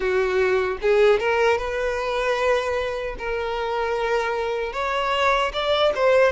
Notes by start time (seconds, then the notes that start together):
0.00 F#4
0.81 G#4
1.19 A#4
1.58 B4
3.18 A#4
4.73 C#5
5.53 D5
5.95 C5